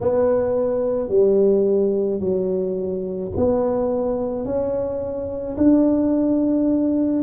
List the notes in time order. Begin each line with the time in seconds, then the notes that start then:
0.00 B3
1.09 G3
2.20 F#3
3.36 B3
4.45 C#4
5.57 D4